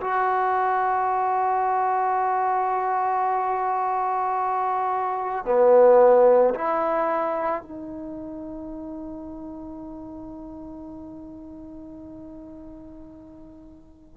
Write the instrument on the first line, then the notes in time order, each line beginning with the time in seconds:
trombone
0.00 F#4
5.45 B3
6.54 E4
7.62 D#4